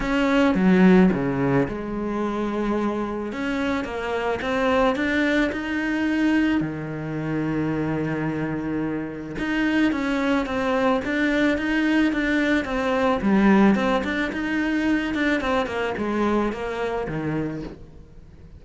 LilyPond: \new Staff \with { instrumentName = "cello" } { \time 4/4 \tempo 4 = 109 cis'4 fis4 cis4 gis4~ | gis2 cis'4 ais4 | c'4 d'4 dis'2 | dis1~ |
dis4 dis'4 cis'4 c'4 | d'4 dis'4 d'4 c'4 | g4 c'8 d'8 dis'4. d'8 | c'8 ais8 gis4 ais4 dis4 | }